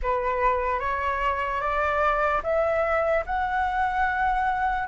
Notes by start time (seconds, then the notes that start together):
0.02 B4
0.79 C#5
1.60 D5
2.43 E5
3.25 F#5